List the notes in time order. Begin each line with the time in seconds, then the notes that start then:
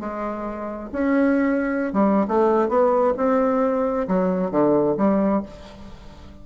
0.00 G#3
0.92 C#4
1.93 G3
2.28 A3
2.69 B3
3.17 C4
4.08 F#3
4.51 D3
4.97 G3